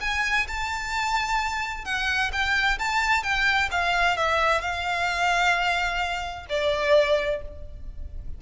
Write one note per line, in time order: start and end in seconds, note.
0.00 0.46 G#5
0.47 1.84 A5
1.84 2.31 F#5
2.32 2.78 G5
2.78 3.23 A5
3.23 3.69 G5
3.71 4.16 F5
4.16 4.61 E5
4.61 6.46 F5
6.49 7.41 D5